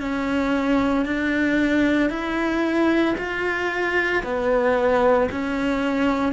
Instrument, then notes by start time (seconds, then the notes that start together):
cello
0.00 C#4
1.05 D4
2.09 E4
3.17 F4
4.23 B3
5.31 C#4